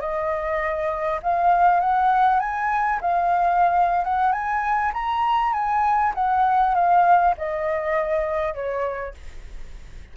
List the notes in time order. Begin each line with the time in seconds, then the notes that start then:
0.00 D#5
1.22 F5
1.80 F#5
2.39 G#5
3.01 F5
4.04 F#5
4.32 G#5
4.93 A#5
5.53 G#5
6.14 F#5
6.74 F5
7.37 D#5
8.54 C#5